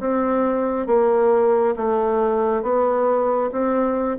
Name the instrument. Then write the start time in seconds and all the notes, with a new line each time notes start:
bassoon
0.00 C4
0.87 A#3
1.76 A3
2.63 B3
3.52 C4